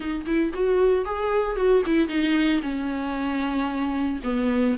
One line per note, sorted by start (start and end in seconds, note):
0.00 0.25 D#4
0.26 0.52 E4
0.53 1.05 F#4
1.05 1.56 G#4
1.56 1.82 F#4
1.85 2.08 E4
2.08 2.61 D#4
2.62 4.20 C#4
4.23 4.76 B3